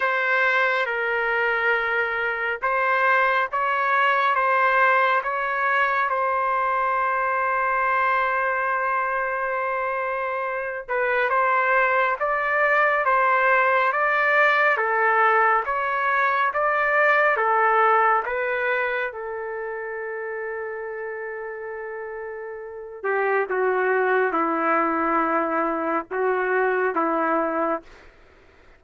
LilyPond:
\new Staff \with { instrumentName = "trumpet" } { \time 4/4 \tempo 4 = 69 c''4 ais'2 c''4 | cis''4 c''4 cis''4 c''4~ | c''1~ | c''8 b'8 c''4 d''4 c''4 |
d''4 a'4 cis''4 d''4 | a'4 b'4 a'2~ | a'2~ a'8 g'8 fis'4 | e'2 fis'4 e'4 | }